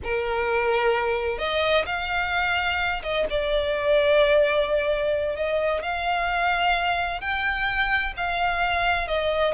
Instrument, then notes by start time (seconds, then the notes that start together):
violin
0.03 A#4
1.38 D#5
1.86 F5
3.02 D#5
3.30 D5
5.36 D#5
5.82 F5
7.20 G5
8.16 F5
9.07 D#5